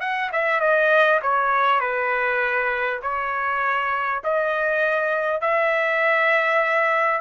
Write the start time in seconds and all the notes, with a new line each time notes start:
0.00 F#5
0.32 E5
0.60 D#5
1.22 C#5
1.80 B4
3.02 C#5
4.24 D#5
5.41 E5